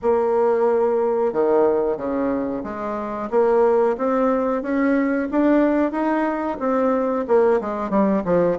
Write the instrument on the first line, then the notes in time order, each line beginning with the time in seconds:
bassoon
0.02 A#3
1.32 D#3
1.97 C#3
2.63 G#3
3.30 A#3
3.97 C4
4.62 C#4
5.31 D4
5.91 D#4
6.59 C4
7.27 A#3
7.60 G#3
7.89 G3
8.24 F3